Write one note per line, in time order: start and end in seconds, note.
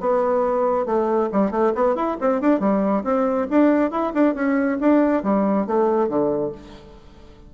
0.00 0.85 B3
0.85 1.29 A3
1.32 1.51 G3
1.51 1.72 A3
1.75 1.95 B3
1.95 2.17 E4
2.20 2.41 C4
2.41 2.59 D4
2.59 3.03 G3
3.04 3.47 C4
3.50 3.91 D4
3.91 4.12 E4
4.13 4.34 D4
4.34 4.78 C#4
4.80 5.23 D4
5.23 5.66 G3
5.66 6.08 A3
6.08 6.52 D3